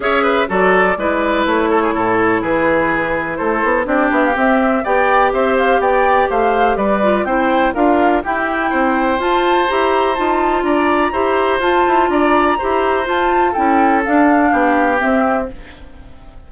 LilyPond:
<<
  \new Staff \with { instrumentName = "flute" } { \time 4/4 \tempo 4 = 124 e''4 d''2 cis''4~ | cis''4 b'2 c''4 | d''8 e''16 f''16 e''4 g''4 e''8 f''8 | g''4 f''4 d''4 g''4 |
f''4 g''2 a''4 | ais''4 a''4 ais''2 | a''4 ais''2 a''4 | g''4 f''2 e''4 | }
  \new Staff \with { instrumentName = "oboe" } { \time 4/4 cis''8 b'8 a'4 b'4. a'16 gis'16 | a'4 gis'2 a'4 | g'2 d''4 c''4 | d''4 c''4 b'4 c''4 |
ais'4 g'4 c''2~ | c''2 d''4 c''4~ | c''4 d''4 c''2 | a'2 g'2 | }
  \new Staff \with { instrumentName = "clarinet" } { \time 4/4 gis'4 fis'4 e'2~ | e'1 | d'4 c'4 g'2~ | g'2~ g'8 f'8 e'4 |
f'4 e'2 f'4 | g'4 f'2 g'4 | f'2 g'4 f'4 | e'4 d'2 c'4 | }
  \new Staff \with { instrumentName = "bassoon" } { \time 4/4 cis'4 fis4 gis4 a4 | a,4 e2 a8 b8 | c'8 b8 c'4 b4 c'4 | b4 a4 g4 c'4 |
d'4 e'4 c'4 f'4 | e'4 dis'4 d'4 e'4 | f'8 e'8 d'4 e'4 f'4 | cis'4 d'4 b4 c'4 | }
>>